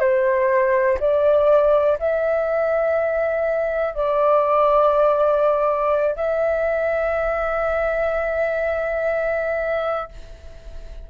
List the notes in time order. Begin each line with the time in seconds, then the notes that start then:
0.00 C5
1.00 D5
1.99 E5
3.94 D5
6.16 E5